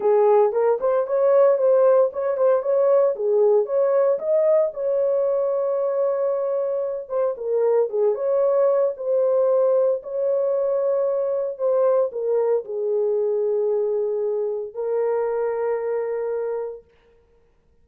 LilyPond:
\new Staff \with { instrumentName = "horn" } { \time 4/4 \tempo 4 = 114 gis'4 ais'8 c''8 cis''4 c''4 | cis''8 c''8 cis''4 gis'4 cis''4 | dis''4 cis''2.~ | cis''4. c''8 ais'4 gis'8 cis''8~ |
cis''4 c''2 cis''4~ | cis''2 c''4 ais'4 | gis'1 | ais'1 | }